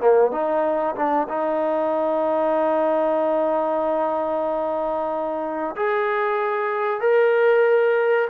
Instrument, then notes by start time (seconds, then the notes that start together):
trombone
0.00 A#3
0.31 D#4
0.95 D4
1.29 D#4
5.75 G#4
7.00 A#4